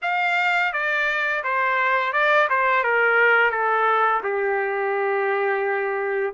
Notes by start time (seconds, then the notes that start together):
0.02 F5
0.73 D5
1.43 C5
2.12 D5
2.49 C5
2.83 A#4
3.50 A4
4.23 G4